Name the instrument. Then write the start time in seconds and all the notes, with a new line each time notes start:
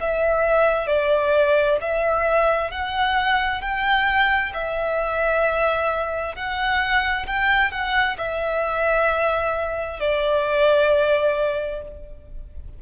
violin
0.00 E5
0.87 D5
1.81 E5
2.71 F#5
3.61 G5
4.53 E5
6.35 F#5
7.26 G5
7.71 F#5
8.18 E5
10.00 D5